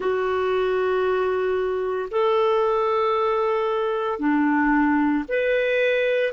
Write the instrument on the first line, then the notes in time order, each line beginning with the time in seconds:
clarinet
0.00 F#4
2.11 A4
4.19 D4
5.28 B4